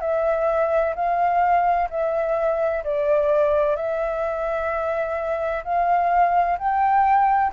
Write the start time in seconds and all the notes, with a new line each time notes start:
0.00 E5
0.95 F5
1.89 E5
2.83 D5
3.75 E5
5.64 F5
6.58 G5